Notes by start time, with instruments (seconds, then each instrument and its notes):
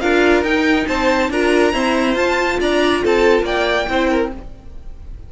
0.00 cello D4, viola F4, violin A#4 F5
0.42 cello D#4, viola D#4, violin G5
0.87 cello C4, violin C5 A5
1.30 cello D4, viola F4, violin A#4 A#5
1.73 viola C4, cello E4, violin C5
2.15 cello F4, viola F4, violin A5
2.60 cello D4, violin D5 A#5
3.03 cello C4, violin A4 A5
3.43 cello A#3, violin D5 G5
3.88 cello C4, viola E4, violin C5
4.10 violin A#4